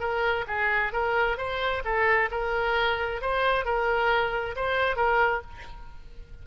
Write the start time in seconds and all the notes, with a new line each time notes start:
0.00 A#4
0.47 G#4
0.92 A#4
1.38 C5
1.85 A4
2.31 A#4
3.22 C5
3.65 A#4
4.56 C5
4.96 A#4